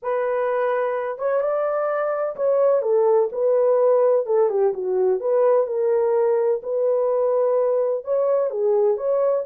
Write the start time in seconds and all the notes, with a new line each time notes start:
0.02 B4
1.18 C#5
1.40 D5
2.36 C#5
2.82 A4
3.32 B4
4.26 A4
4.49 G4
4.73 F#4
5.20 B4
5.66 A#4
6.62 B4
8.04 C#5
8.50 G#4
8.97 C#5